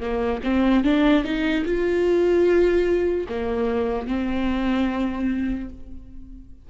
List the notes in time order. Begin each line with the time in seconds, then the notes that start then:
0.00 A#3
0.43 C4
0.84 D4
1.24 D#4
1.65 F4
3.29 A#3
4.07 C4